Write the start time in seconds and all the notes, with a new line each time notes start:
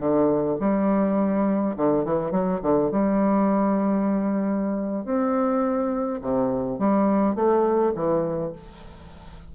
0.00 D3
0.61 G3
1.77 D3
2.05 E3
2.32 F#3
2.63 D3
2.92 G3
5.05 C4
6.22 C3
6.79 G3
7.36 A3
7.95 E3